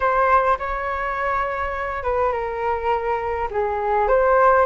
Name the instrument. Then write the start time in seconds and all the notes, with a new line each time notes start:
flute
0.00 C5
0.59 C#5
2.03 B4
2.32 A#4
3.50 G#4
4.08 C5